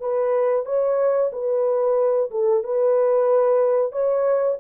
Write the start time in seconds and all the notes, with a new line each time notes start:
0.00 B4
0.66 C#5
1.32 B4
2.31 A4
2.63 B4
3.92 C#5